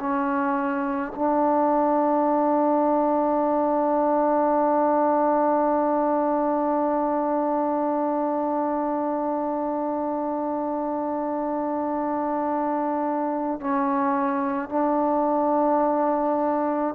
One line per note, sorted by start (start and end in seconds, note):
0.00 1.13 C#4
1.16 13.61 D4
13.61 14.70 C#4
14.70 16.96 D4